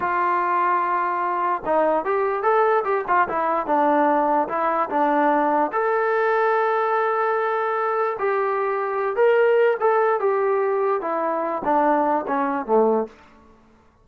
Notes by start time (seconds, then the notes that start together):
0.00 F4
1.65 D#4
2.04 G4
2.42 A4
2.84 G4
3.07 F4
3.28 E4
3.66 D4
4.48 E4
4.89 D4
5.72 A4
8.18 G4
9.16 A#4
9.80 A4
10.19 G4
11.01 E4
11.64 D4
12.27 C#4
12.65 A3